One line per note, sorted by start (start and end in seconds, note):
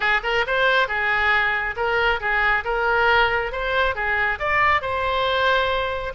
0.00 0.21 G#4
0.23 0.45 A#4
0.47 0.87 C5
0.87 1.75 G#4
1.76 2.20 A#4
2.20 2.64 G#4
2.64 3.52 A#4
3.52 3.95 C5
3.95 4.38 G#4
4.39 4.81 D5
4.81 6.13 C5